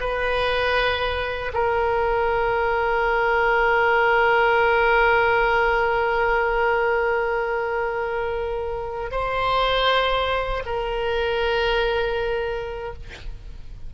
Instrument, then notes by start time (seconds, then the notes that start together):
oboe
0.00 B4
1.54 A#4
9.11 C5
10.65 A#4